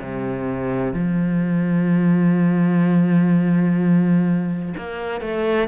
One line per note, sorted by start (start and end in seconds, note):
0.00 0.94 C3
0.94 4.75 F3
4.78 5.21 A#3
5.21 5.68 A3